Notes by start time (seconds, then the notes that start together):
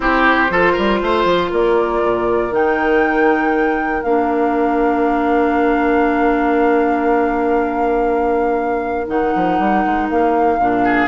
0.00 C4 E4 G4 C5
0.50 F3 F4 A4
0.73 G3 A#4
1.01 A3 C5
1.24 F3
1.50 A#3 A#4 D5
2.03 A#2
2.50 D#3 D#4 G5
4.02 A#3 D4 F5
9.07 D#3 D#4 F#5
9.35 F3
9.59 G3
9.85 G#3
10.09 A#3 F5
10.58 A#2 D4
10.84 G#4